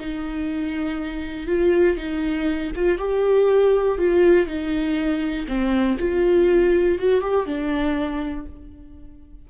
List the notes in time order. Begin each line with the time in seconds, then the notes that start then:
0.00 D#4
1.47 F4
1.97 D#4
2.75 F4
2.98 G4
3.99 F4
4.47 D#4
5.48 C4
5.99 F4
6.99 F#4
7.21 G4
7.46 D4